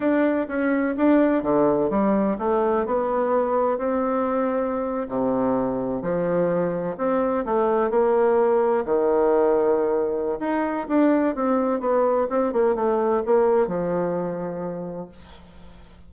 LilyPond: \new Staff \with { instrumentName = "bassoon" } { \time 4/4 \tempo 4 = 127 d'4 cis'4 d'4 d4 | g4 a4 b2 | c'2~ c'8. c4~ c16~ | c8. f2 c'4 a16~ |
a8. ais2 dis4~ dis16~ | dis2 dis'4 d'4 | c'4 b4 c'8 ais8 a4 | ais4 f2. | }